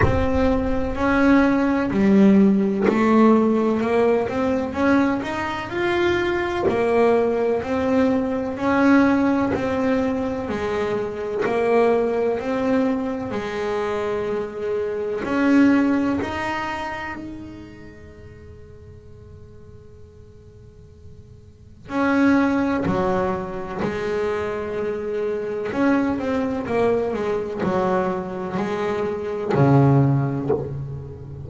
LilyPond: \new Staff \with { instrumentName = "double bass" } { \time 4/4 \tempo 4 = 63 c'4 cis'4 g4 a4 | ais8 c'8 cis'8 dis'8 f'4 ais4 | c'4 cis'4 c'4 gis4 | ais4 c'4 gis2 |
cis'4 dis'4 gis2~ | gis2. cis'4 | fis4 gis2 cis'8 c'8 | ais8 gis8 fis4 gis4 cis4 | }